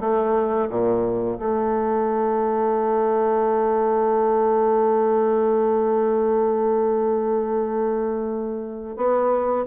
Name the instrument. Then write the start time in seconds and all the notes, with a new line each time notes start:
bassoon
0.00 A3
0.69 A#2
1.39 A3
8.97 B3